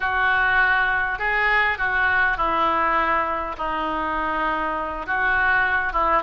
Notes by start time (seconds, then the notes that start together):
0.00 F#4
1.19 G#4
1.78 F#4
2.37 E4
3.57 D#4
5.06 F#4
5.92 E4